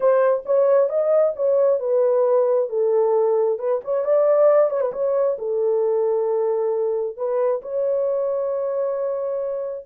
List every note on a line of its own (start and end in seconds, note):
0.00 0.43 C5
0.45 0.89 C#5
0.89 1.33 D#5
1.36 1.79 C#5
1.79 2.69 B4
2.69 3.58 A4
3.58 3.81 B4
3.84 4.04 C#5
4.04 4.70 D5
4.70 4.81 C#5
4.81 4.92 B4
4.92 5.37 C#5
5.38 7.16 A4
7.16 7.61 B4
7.62 9.85 C#5